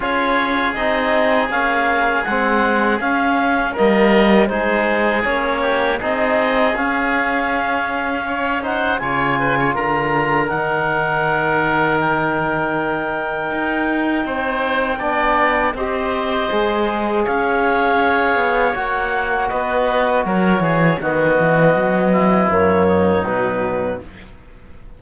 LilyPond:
<<
  \new Staff \with { instrumentName = "clarinet" } { \time 4/4 \tempo 4 = 80 cis''4 dis''4 f''4 fis''4 | f''4 dis''4 c''4 cis''4 | dis''4 f''2~ f''8 fis''8 | gis''4 ais''4 fis''2 |
g''1~ | g''4 dis''2 f''4~ | f''4 fis''4 dis''4 cis''4 | dis''2 cis''4 b'4 | }
  \new Staff \with { instrumentName = "oboe" } { \time 4/4 gis'1~ | gis'4 ais'4 gis'4. g'8 | gis'2. cis''8 c''8 | cis''8 b'16 cis''16 ais'2.~ |
ais'2. c''4 | d''4 c''2 cis''4~ | cis''2 b'4 ais'8 gis'8 | fis'4. e'4 dis'4. | }
  \new Staff \with { instrumentName = "trombone" } { \time 4/4 f'4 dis'4 cis'4 c'4 | cis'4 ais4 dis'4 cis'4 | dis'4 cis'2~ cis'8 dis'8 | f'2 dis'2~ |
dis'1 | d'4 g'4 gis'2~ | gis'4 fis'2. | b2 ais4 fis4 | }
  \new Staff \with { instrumentName = "cello" } { \time 4/4 cis'4 c'4 ais4 gis4 | cis'4 g4 gis4 ais4 | c'4 cis'2. | cis4 d4 dis2~ |
dis2 dis'4 c'4 | b4 c'4 gis4 cis'4~ | cis'8 b8 ais4 b4 fis8 e8 | dis8 e8 fis4 fis,4 b,4 | }
>>